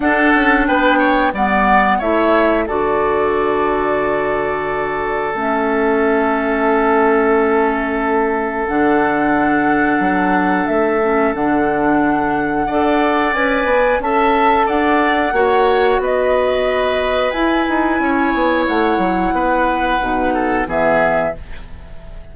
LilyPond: <<
  \new Staff \with { instrumentName = "flute" } { \time 4/4 \tempo 4 = 90 fis''4 g''4 fis''4 e''4 | d''1 | e''1~ | e''4 fis''2. |
e''4 fis''2. | gis''4 a''4 fis''2 | dis''2 gis''2 | fis''2. e''4 | }
  \new Staff \with { instrumentName = "oboe" } { \time 4/4 a'4 b'8 cis''8 d''4 cis''4 | a'1~ | a'1~ | a'1~ |
a'2. d''4~ | d''4 e''4 d''4 cis''4 | b'2. cis''4~ | cis''4 b'4. a'8 gis'4 | }
  \new Staff \with { instrumentName = "clarinet" } { \time 4/4 d'2 b4 e'4 | fis'1 | cis'1~ | cis'4 d'2.~ |
d'8 cis'8 d'2 a'4 | b'4 a'2 fis'4~ | fis'2 e'2~ | e'2 dis'4 b4 | }
  \new Staff \with { instrumentName = "bassoon" } { \time 4/4 d'8 cis'8 b4 g4 a4 | d1 | a1~ | a4 d2 fis4 |
a4 d2 d'4 | cis'8 b8 cis'4 d'4 ais4 | b2 e'8 dis'8 cis'8 b8 | a8 fis8 b4 b,4 e4 | }
>>